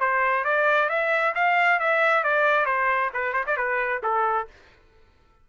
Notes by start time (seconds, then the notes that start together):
0.00 C5
0.45 D5
0.89 E5
1.35 F5
1.80 E5
2.24 D5
2.66 C5
3.14 B4
3.33 C5
3.46 D5
3.57 B4
4.03 A4